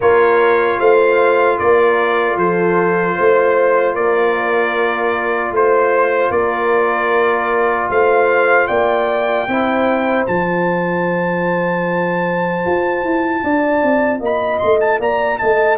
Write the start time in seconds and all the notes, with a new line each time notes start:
0.00 A#3 F4 A#4 C#5
0.79 A3 C5 F5
1.58 A#3 A#4 D5
2.36 F3 A4 C5
3.14 A3 C5
3.94 A#3 A#4 D5
5.51 A3 C5
6.30 A#3 A#4 D5
7.89 A3 C5 F5
8.67 A#3 D5 G5
9.47 C4 E4 C5
10.26 F3 F4 A5
12.66 F4
13.03 E4
13.43 D4 D5
13.83 C4
14.20 A#3 D#5 B5
14.59 A3 C6
14.80 A5
14.99 A#3 D5 A#5
15.38 A3 D#5 A5